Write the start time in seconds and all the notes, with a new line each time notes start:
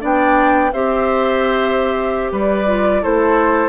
0.00 B3 D4 D5 G5
0.72 C4 G4 C5 E5
2.32 G3 B4 D5
2.66 F4
3.01 A3 E4 A4 C5